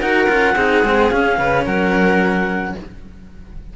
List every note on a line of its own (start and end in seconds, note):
0.00 0.27 D#4
0.00 0.27 F#4
0.00 0.55 A#4
0.00 1.10 F#5
0.27 0.56 C#4
0.27 0.55 F4
0.56 0.83 C4
0.56 0.85 D#4
0.56 1.38 G#4
0.83 1.11 G#3
0.83 1.12 C4
1.10 1.39 C#4
1.10 2.76 C#4
1.10 1.64 F5
1.39 1.66 C#3
1.39 1.65 B4
1.65 2.75 F#3
1.65 2.74 A#4
1.65 2.76 F#5